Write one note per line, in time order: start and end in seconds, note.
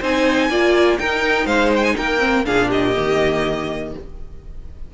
0.00 0.49 C4
0.00 0.51 D#4
0.00 0.49 C5
0.00 0.98 G#5
0.49 0.98 A#3
0.49 0.99 F4
0.49 0.99 D5
0.98 1.46 D#4
0.98 2.19 D#4
0.98 1.46 A#4
0.98 1.47 G5
1.46 1.95 G#3
1.46 1.95 C5
1.46 1.71 F5
1.76 1.84 G5
1.84 1.96 G#5
1.97 2.47 A#3
1.97 2.45 A#4
1.97 2.46 G5
2.19 2.43 C4
2.45 2.97 A#2
2.45 2.94 D4
2.45 2.68 G#4
2.45 2.70 F5
2.68 3.90 G4
2.68 3.93 D#5
2.95 3.94 D#3
2.95 3.93 A#3